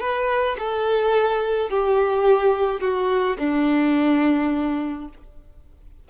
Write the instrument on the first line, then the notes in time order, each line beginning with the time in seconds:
violin
0.00 B4
0.58 A4
1.70 G4
2.80 F#4
3.39 D4